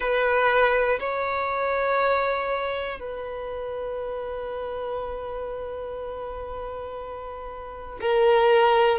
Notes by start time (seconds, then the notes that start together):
0.00 B4
1.00 C#5
2.99 B4
8.00 A#4